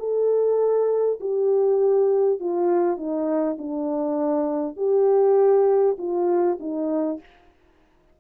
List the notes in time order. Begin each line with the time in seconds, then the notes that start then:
0.00 A4
1.21 G4
2.41 F4
2.97 D#4
3.58 D4
4.77 G4
5.99 F4
6.61 D#4